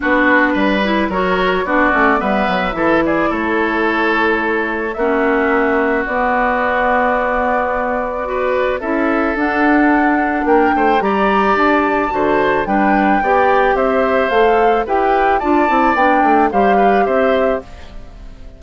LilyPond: <<
  \new Staff \with { instrumentName = "flute" } { \time 4/4 \tempo 4 = 109 b'2 cis''4 d''4 | e''4. d''8 cis''2~ | cis''4 e''2 d''4~ | d''1 |
e''4 fis''2 g''4 | ais''4 a''2 g''4~ | g''4 e''4 f''4 g''4 | a''4 g''4 f''4 e''4 | }
  \new Staff \with { instrumentName = "oboe" } { \time 4/4 fis'4 b'4 ais'4 fis'4 | b'4 a'8 gis'8 a'2~ | a'4 fis'2.~ | fis'2. b'4 |
a'2. ais'8 c''8 | d''2 c''4 b'4 | d''4 c''2 b'4 | d''2 c''8 b'8 c''4 | }
  \new Staff \with { instrumentName = "clarinet" } { \time 4/4 d'4. e'8 fis'4 d'8 cis'8 | b4 e'2.~ | e'4 cis'2 b4~ | b2. fis'4 |
e'4 d'2. | g'2 fis'4 d'4 | g'2 a'4 g'4 | f'8 e'8 d'4 g'2 | }
  \new Staff \with { instrumentName = "bassoon" } { \time 4/4 b4 g4 fis4 b8 a8 | g8 fis8 e4 a2~ | a4 ais2 b4~ | b1 |
cis'4 d'2 ais8 a8 | g4 d'4 d4 g4 | b4 c'4 a4 e'4 | d'8 c'8 b8 a8 g4 c'4 | }
>>